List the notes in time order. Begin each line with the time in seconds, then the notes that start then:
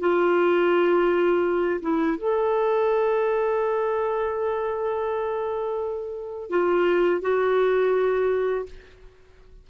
0.00 F4
1.82 E4
2.18 A4
6.50 F4
7.22 F#4